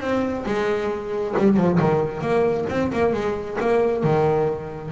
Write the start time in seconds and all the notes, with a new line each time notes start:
0.00 C4
0.46 G#3
1.37 G3
1.56 F3
1.79 D#3
2.21 A#3
2.69 C4
2.92 A#3
3.13 G#3
3.60 A#3
4.03 D#3